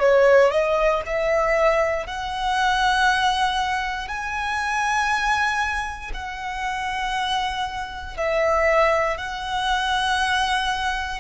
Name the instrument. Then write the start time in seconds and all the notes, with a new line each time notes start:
violin
0.00 C#5
0.51 D#5
1.06 E5
2.06 F#5
4.08 G#5
6.14 F#5
8.17 E5
9.18 F#5